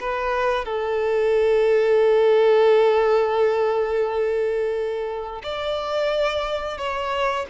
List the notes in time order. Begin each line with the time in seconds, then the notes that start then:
0.00 B4
0.64 A4
5.43 D5
6.77 C#5